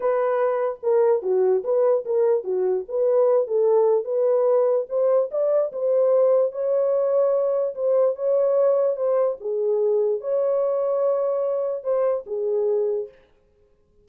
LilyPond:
\new Staff \with { instrumentName = "horn" } { \time 4/4 \tempo 4 = 147 b'2 ais'4 fis'4 | b'4 ais'4 fis'4 b'4~ | b'8 a'4. b'2 | c''4 d''4 c''2 |
cis''2. c''4 | cis''2 c''4 gis'4~ | gis'4 cis''2.~ | cis''4 c''4 gis'2 | }